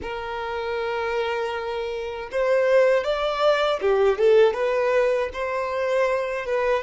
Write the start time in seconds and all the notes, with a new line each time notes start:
0.01 A#4
2.31 C5
3.04 D5
3.81 G4
4.18 A4
4.53 B4
5.33 C5
6.45 B4